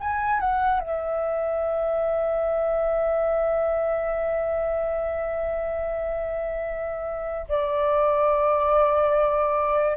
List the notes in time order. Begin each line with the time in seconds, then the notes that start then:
0.00 G#5
0.40 F#5
0.80 E5
7.48 D5